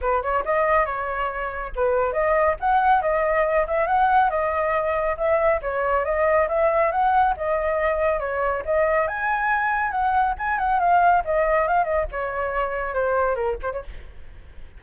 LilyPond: \new Staff \with { instrumentName = "flute" } { \time 4/4 \tempo 4 = 139 b'8 cis''8 dis''4 cis''2 | b'4 dis''4 fis''4 dis''4~ | dis''8 e''8 fis''4 dis''2 | e''4 cis''4 dis''4 e''4 |
fis''4 dis''2 cis''4 | dis''4 gis''2 fis''4 | gis''8 fis''8 f''4 dis''4 f''8 dis''8 | cis''2 c''4 ais'8 c''16 cis''16 | }